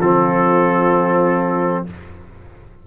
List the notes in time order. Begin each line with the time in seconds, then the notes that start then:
0.00 F3 C4 F4 A4